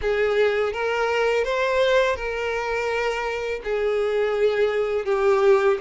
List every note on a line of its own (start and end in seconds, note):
0.01 0.72 G#4
0.72 1.44 A#4
1.44 2.16 C5
2.16 3.60 A#4
3.63 5.05 G#4
5.05 5.77 G4